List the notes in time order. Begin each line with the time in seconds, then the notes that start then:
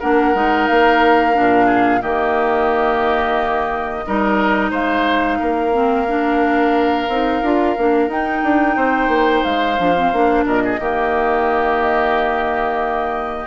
0.00 A#3 D4 A#4 F#5
0.35 G#3 D#4
0.68 A#3 F5
1.34 A#2 D4
1.66 G#4
2.03 D#3 A#3 G4 D#5
4.07 G3 D#4 A#4
4.71 G#3 C5 F5
5.40 A#3 A#4
5.73 C4
6.07 D4
7.08 C4 D#4
7.42 D4 F4
7.78 A#3 D4
8.08 D#4 G5
8.44 D4
8.76 C4 C5
9.09 A#3
9.44 G#3 F5
9.78 F3 D4
9.96 C4
10.13 A#3 D4
10.46 A#2 A#4 D#5
10.65 G#4
10.80 D#3 A#3 G4